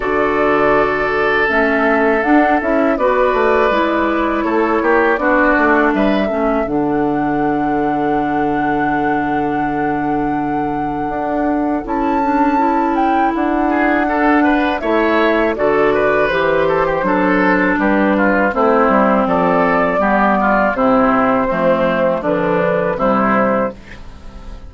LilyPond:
<<
  \new Staff \with { instrumentName = "flute" } { \time 4/4 \tempo 4 = 81 d''2 e''4 fis''8 e''8 | d''2 cis''4 d''4 | e''4 fis''2.~ | fis''1 |
a''4. g''8 fis''2 | e''4 d''4 c''2 | b'4 c''4 d''2 | c''2 b'4 c''4 | }
  \new Staff \with { instrumentName = "oboe" } { \time 4/4 a'1 | b'2 a'8 g'8 fis'4 | b'8 a'2.~ a'8~ | a'1~ |
a'2~ a'8 gis'8 a'8 b'8 | cis''4 a'8 b'4 a'16 g'16 a'4 | g'8 f'8 e'4 a'4 g'8 f'8 | e'4 c'4 d'4 e'4 | }
  \new Staff \with { instrumentName = "clarinet" } { \time 4/4 fis'2 cis'4 d'8 e'8 | fis'4 e'2 d'4~ | d'8 cis'8 d'2.~ | d'1 |
e'8 d'8 e'2 d'4 | e'4 fis'4 g'4 d'4~ | d'4 c'2 b4 | c'4 a4 f4 g4 | }
  \new Staff \with { instrumentName = "bassoon" } { \time 4/4 d2 a4 d'8 cis'8 | b8 a8 gis4 a8 ais8 b8 a8 | g8 a8 d2.~ | d2. d'4 |
cis'2 d'2 | a4 d4 e4 fis4 | g4 a8 g8 f4 g4 | c4 f4 d4 c4 | }
>>